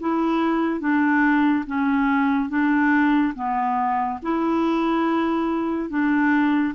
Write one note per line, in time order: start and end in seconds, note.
0.00 0.80 E4
0.80 1.64 D4
1.66 2.49 C#4
2.49 3.33 D4
3.35 4.19 B3
4.22 5.90 E4
5.90 6.74 D4